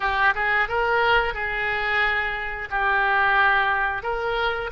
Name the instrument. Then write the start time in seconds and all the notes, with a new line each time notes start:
oboe
0.00 G4
0.34 G#4
0.68 A#4
1.34 G#4
2.70 G4
4.03 A#4